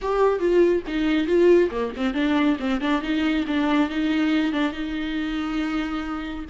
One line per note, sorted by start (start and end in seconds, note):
0.01 0.39 G4
0.39 0.82 F4
0.87 1.26 D#4
1.26 1.70 F4
1.71 1.92 A#3
1.96 2.14 C4
2.14 2.57 D4
2.59 2.80 C4
2.80 3.02 D4
3.02 3.45 D#4
3.47 3.89 D4
3.89 4.52 D#4
4.52 4.72 D4
4.72 6.45 D#4